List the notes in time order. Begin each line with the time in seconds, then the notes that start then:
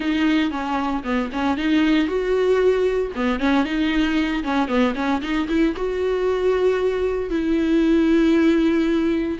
0.00 D#4
0.51 C#4
1.03 B3
1.32 C#4
1.57 D#4
2.07 F#4
3.15 B3
3.39 C#4
3.65 D#4
4.43 C#4
4.68 B3
4.95 C#4
5.21 D#4
5.48 E4
5.76 F#4
7.30 E4